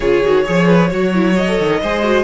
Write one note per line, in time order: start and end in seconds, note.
0.00 0.22 C#3
0.00 0.24 F4
0.00 0.44 G#4
0.00 1.36 C#5
0.23 0.46 D#3
0.23 0.44 F#4
0.44 0.91 F3
0.44 0.89 G#4
0.44 0.66 C#5
0.66 0.89 B4
0.90 1.59 F#3
0.90 1.13 F#4
0.90 1.80 C#5
1.14 1.34 E4
1.34 1.45 F#4
1.34 2.24 D#5
1.48 1.81 A4
1.59 1.82 D#3
1.81 2.24 G#3
1.81 2.03 G#4
1.81 2.24 C5
2.03 2.24 F#4